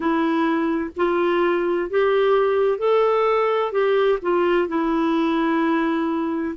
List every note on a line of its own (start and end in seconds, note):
0.00 0.90 E4
0.96 1.90 F4
1.90 2.78 G4
2.78 3.72 A4
3.72 4.18 G4
4.21 4.68 F4
4.68 6.55 E4